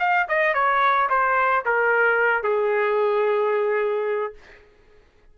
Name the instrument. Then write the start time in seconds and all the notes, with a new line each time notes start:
trumpet
0.00 F5
0.29 D#5
0.55 C#5
1.10 C5
1.66 A#4
2.44 G#4